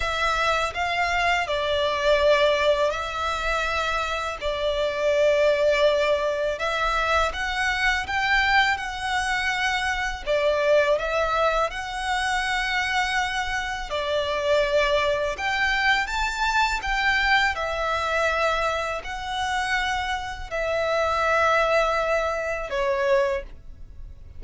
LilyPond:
\new Staff \with { instrumentName = "violin" } { \time 4/4 \tempo 4 = 82 e''4 f''4 d''2 | e''2 d''2~ | d''4 e''4 fis''4 g''4 | fis''2 d''4 e''4 |
fis''2. d''4~ | d''4 g''4 a''4 g''4 | e''2 fis''2 | e''2. cis''4 | }